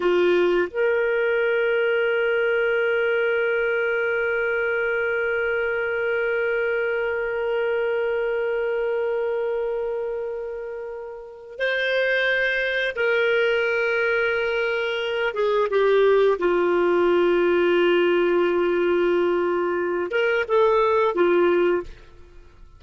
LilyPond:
\new Staff \with { instrumentName = "clarinet" } { \time 4/4 \tempo 4 = 88 f'4 ais'2.~ | ais'1~ | ais'1~ | ais'1~ |
ais'4 c''2 ais'4~ | ais'2~ ais'8 gis'8 g'4 | f'1~ | f'4. ais'8 a'4 f'4 | }